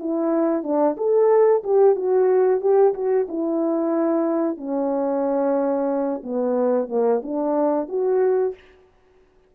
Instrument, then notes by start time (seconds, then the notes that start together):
horn
0.00 E4
0.64 D4
0.97 A4
1.64 G4
1.96 F#4
2.61 G4
2.94 F#4
3.29 E4
4.58 C#4
6.24 B3
6.89 A#3
7.23 D4
7.89 F#4